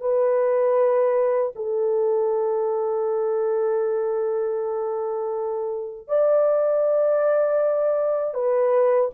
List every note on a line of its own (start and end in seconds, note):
0.00 1.52 B4
1.55 6.08 A4
6.08 8.34 D5
8.34 9.10 B4